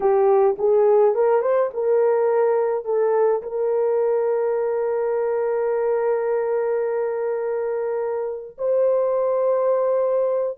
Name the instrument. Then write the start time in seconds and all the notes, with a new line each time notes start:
horn
0.00 G4
0.58 G#4
1.14 A#4
1.41 C5
1.73 A#4
2.84 A4
3.42 A#4
8.58 C5